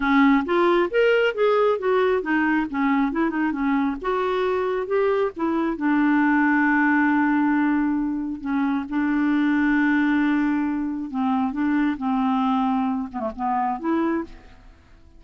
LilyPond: \new Staff \with { instrumentName = "clarinet" } { \time 4/4 \tempo 4 = 135 cis'4 f'4 ais'4 gis'4 | fis'4 dis'4 cis'4 e'8 dis'8 | cis'4 fis'2 g'4 | e'4 d'2.~ |
d'2. cis'4 | d'1~ | d'4 c'4 d'4 c'4~ | c'4. b16 a16 b4 e'4 | }